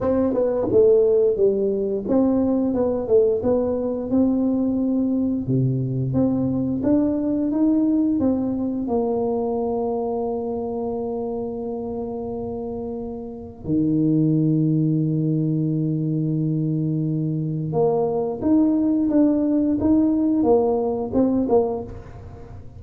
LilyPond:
\new Staff \with { instrumentName = "tuba" } { \time 4/4 \tempo 4 = 88 c'8 b8 a4 g4 c'4 | b8 a8 b4 c'2 | c4 c'4 d'4 dis'4 | c'4 ais2.~ |
ais1 | dis1~ | dis2 ais4 dis'4 | d'4 dis'4 ais4 c'8 ais8 | }